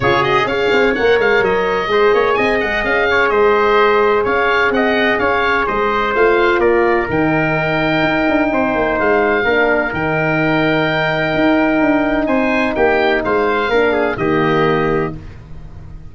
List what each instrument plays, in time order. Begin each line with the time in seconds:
0.00 tuba C#3, horn F4, trumpet G#4, oboe C#5
0.20 horn F#4, oboe D#5
0.45 tuba C#4, horn G#4, trumpet C#5, oboe F5
0.71 tuba C4
0.95 tuba A#3, horn A#4, oboe F#5
1.18 tuba G#3, oboe F5
1.40 tuba F#3, oboe D#5
1.87 tuba G#3, horn G#4, trumpet C5
2.14 tuba A#3, trumpet C#5
2.33 tuba C4, trumpet D#5, oboe G#5
2.60 tuba G#3, oboe F#5
2.83 tuba C#4, oboe F5
3.09 trumpet C#5
3.29 tuba G#3, trumpet C5, oboe D#5
4.23 tuba C#4, trumpet C#5, oboe F5
4.70 tuba C4, trumpet D#5, oboe F#5
5.18 tuba C#4, trumpet C#5, oboe F5
5.66 tuba G#3, trumpet C5, oboe D#5
6.14 tuba A3, horn F4, oboe F5
6.58 tuba A#3, trumpet A#4, oboe D5
7.08 tuba D#3, horn D#4, oboe G5
8.02 tuba D#4
8.28 tuba D4
8.52 tuba C4, trumpet C5
8.75 tuba A#3
8.99 tuba G#3, oboe F5
9.44 tuba A#3, horn D4, trumpet A#4
9.91 tuba D#3, horn D#4, oboe G5
11.34 tuba D#4
11.81 tuba D4
12.26 tuba C4, trumpet C5, oboe G#5
12.75 tuba A#3, trumpet G4, oboe G5
13.24 tuba G#3, trumpet C5, oboe F5
13.69 tuba A#3, horn D4, trumpet A#4
13.92 trumpet G#4
14.17 tuba D#3, horn A#3, trumpet G4, oboe D#5